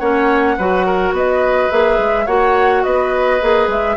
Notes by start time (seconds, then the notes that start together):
0.00 A#3 C#4 C#5 F#5
0.58 F#3 F#4 B4
0.87 A#4
1.12 B3 B4 D#5
1.71 A#3 G#4 E5
1.99 G#3
2.26 A#3 F#4 C#5 F#5
2.84 B3 B4 D#5
3.41 A#3 G#4
3.68 G#3 E5